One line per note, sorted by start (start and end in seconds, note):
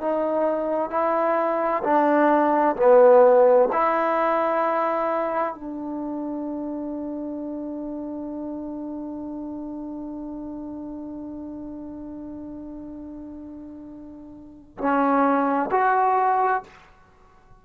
0.00 0.90 D#4
0.90 1.83 E4
1.83 2.76 D4
2.76 3.68 B3
3.72 5.54 E4
5.54 14.77 D4
14.77 15.70 C#4
15.71 16.63 F#4